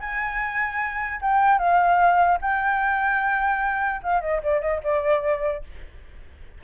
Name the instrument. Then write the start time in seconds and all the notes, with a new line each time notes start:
flute
0.00 G#5
1.21 G5
1.58 F5
2.41 G5
4.03 F5
4.21 D#5
4.43 D5
4.61 D#5
4.83 D5